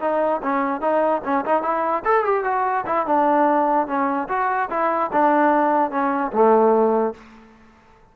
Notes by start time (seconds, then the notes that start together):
0.00 D#4
0.42 C#4
0.81 D#4
1.24 C#4
1.45 D#4
1.62 E4
2.04 A4
2.24 G4
2.44 F#4
2.86 E4
3.06 D4
3.87 C#4
4.28 F#4
4.69 E4
5.12 D4
5.91 C#4
6.32 A3